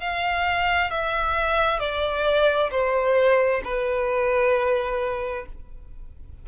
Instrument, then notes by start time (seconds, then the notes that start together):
violin
0.00 F5
0.90 E5
1.79 D5
2.71 C5
3.64 B4